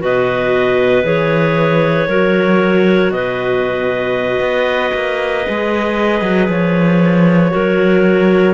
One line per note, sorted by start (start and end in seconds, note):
0.00 1.04 B2
0.00 1.03 F#4
0.00 2.09 B4
0.00 1.06 D#5
1.04 2.07 E3
1.04 2.07 G#4
1.04 3.12 C#5
2.09 3.11 F#3
2.09 5.44 F#4
2.09 3.12 A#4
3.11 4.40 B2
3.11 7.53 B4
3.11 6.48 D#5
4.40 4.91 B3
4.95 5.46 A#3
5.44 6.22 G#3
5.44 7.51 G#4
6.22 6.48 F#3
6.48 7.52 F3
6.48 8.55 C#5
7.51 8.55 F#3
7.51 8.54 F#4
7.51 8.55 A#4